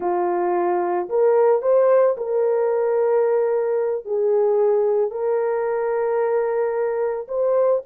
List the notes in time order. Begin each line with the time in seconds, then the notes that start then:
0.00 F4
1.09 A#4
1.62 C5
2.17 A#4
4.05 G#4
5.11 A#4
7.28 C5